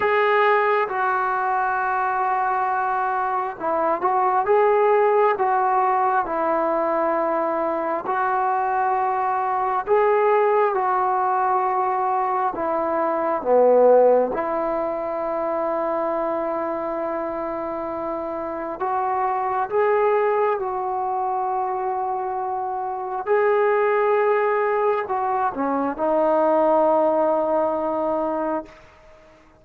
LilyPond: \new Staff \with { instrumentName = "trombone" } { \time 4/4 \tempo 4 = 67 gis'4 fis'2. | e'8 fis'8 gis'4 fis'4 e'4~ | e'4 fis'2 gis'4 | fis'2 e'4 b4 |
e'1~ | e'4 fis'4 gis'4 fis'4~ | fis'2 gis'2 | fis'8 cis'8 dis'2. | }